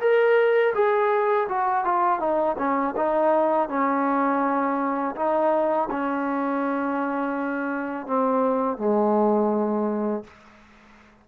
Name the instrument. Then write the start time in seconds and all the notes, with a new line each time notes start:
trombone
0.00 A#4
0.74 G#4
1.48 F#4
1.84 F4
2.19 D#4
2.58 C#4
2.96 D#4
3.69 C#4
5.16 D#4
5.90 C#4
8.07 C4
8.77 G#3